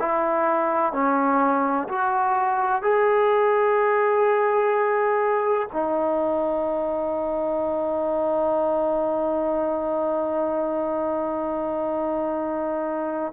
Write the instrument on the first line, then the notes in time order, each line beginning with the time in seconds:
trombone
0.00 E4
0.93 C#4
1.89 F#4
2.83 G#4
5.73 D#4